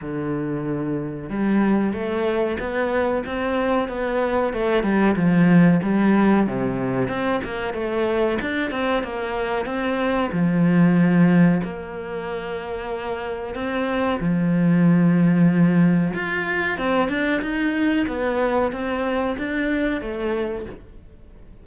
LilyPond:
\new Staff \with { instrumentName = "cello" } { \time 4/4 \tempo 4 = 93 d2 g4 a4 | b4 c'4 b4 a8 g8 | f4 g4 c4 c'8 ais8 | a4 d'8 c'8 ais4 c'4 |
f2 ais2~ | ais4 c'4 f2~ | f4 f'4 c'8 d'8 dis'4 | b4 c'4 d'4 a4 | }